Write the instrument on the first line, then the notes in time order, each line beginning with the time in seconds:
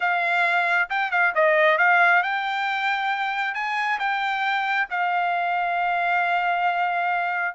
trumpet
0.00 F5
0.89 G5
1.11 F5
1.34 D#5
1.78 F5
2.22 G5
3.54 G#5
3.99 G5
4.89 F5